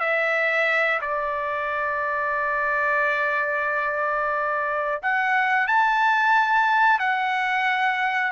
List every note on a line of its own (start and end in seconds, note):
0.00 1.00 E5
1.02 5.02 D5
5.03 5.68 F#5
5.68 6.99 A5
6.99 8.32 F#5